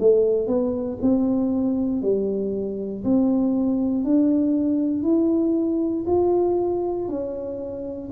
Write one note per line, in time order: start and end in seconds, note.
0.00 0.47 A3
0.47 0.98 B3
1.02 2.02 C4
2.02 3.04 G3
3.04 4.04 C4
4.04 5.03 D4
5.03 6.05 E4
6.07 7.09 F4
7.09 8.10 C#4